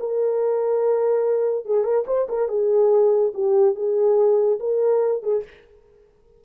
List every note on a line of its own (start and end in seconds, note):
0.00 1.65 A#4
1.65 1.84 G#4
1.84 2.05 A#4
2.07 2.28 C5
2.29 2.49 A#4
2.49 3.33 G#4
3.34 3.76 G4
3.76 4.59 G#4
4.60 5.23 A#4
5.23 5.44 G#4